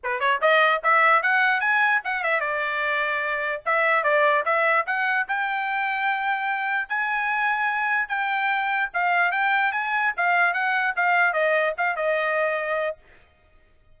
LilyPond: \new Staff \with { instrumentName = "trumpet" } { \time 4/4 \tempo 4 = 148 b'8 cis''8 dis''4 e''4 fis''4 | gis''4 fis''8 e''8 d''2~ | d''4 e''4 d''4 e''4 | fis''4 g''2.~ |
g''4 gis''2. | g''2 f''4 g''4 | gis''4 f''4 fis''4 f''4 | dis''4 f''8 dis''2~ dis''8 | }